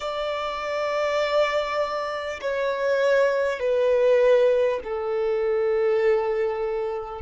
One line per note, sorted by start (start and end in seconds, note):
0.00 2.40 D5
2.41 3.59 C#5
3.59 4.79 B4
4.83 7.21 A4